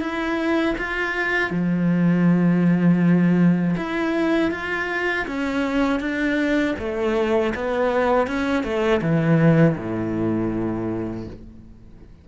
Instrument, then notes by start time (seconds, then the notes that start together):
cello
0.00 E4
0.77 F4
1.50 F3
3.76 E4
4.51 F4
5.27 C#4
6.00 D4
6.78 A3
7.54 B3
8.27 C#4
8.63 A3
9.01 E3
9.77 A2